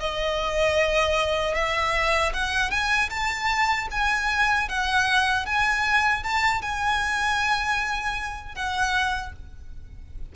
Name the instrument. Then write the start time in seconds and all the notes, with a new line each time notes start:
violin
0.00 D#5
1.55 E5
2.34 F#5
2.71 G#5
3.10 A5
3.91 G#5
4.69 F#5
5.46 G#5
6.24 A5
6.62 G#5
8.55 F#5